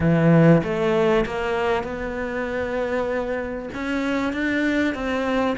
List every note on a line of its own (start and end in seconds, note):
0.00 0.62 E3
0.63 1.25 A3
1.25 1.83 A#3
1.83 3.69 B3
3.74 4.32 C#4
4.32 4.94 D4
4.94 5.56 C4